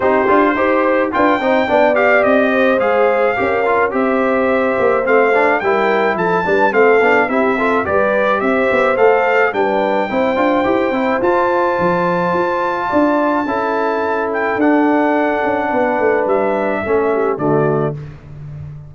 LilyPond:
<<
  \new Staff \with { instrumentName = "trumpet" } { \time 4/4 \tempo 4 = 107 c''2 g''4. f''8 | dis''4 f''2 e''4~ | e''4 f''4 g''4 a''4 | f''4 e''4 d''4 e''4 |
f''4 g''2. | a''1~ | a''4. g''8 fis''2~ | fis''4 e''2 d''4 | }
  \new Staff \with { instrumentName = "horn" } { \time 4/4 g'4 c''4 b'8 c''8 d''4~ | d''8 c''4. ais'4 c''4~ | c''2 ais'4 a'8 b'8 | a'4 g'8 a'8 b'4 c''4~ |
c''4 b'4 c''2~ | c''2. d''4 | a'1 | b'2 a'8 g'8 fis'4 | }
  \new Staff \with { instrumentName = "trombone" } { \time 4/4 dis'8 f'8 g'4 f'8 dis'8 d'8 g'8~ | g'4 gis'4 g'8 f'8 g'4~ | g'4 c'8 d'8 e'4. d'8 | c'8 d'8 e'8 f'8 g'2 |
a'4 d'4 e'8 f'8 g'8 e'8 | f'1 | e'2 d'2~ | d'2 cis'4 a4 | }
  \new Staff \with { instrumentName = "tuba" } { \time 4/4 c'8 d'8 dis'4 d'8 c'8 b4 | c'4 gis4 cis'4 c'4~ | c'8 ais8 a4 g4 f8 g8 | a8 b8 c'4 g4 c'8 b8 |
a4 g4 c'8 d'8 e'8 c'8 | f'4 f4 f'4 d'4 | cis'2 d'4. cis'8 | b8 a8 g4 a4 d4 | }
>>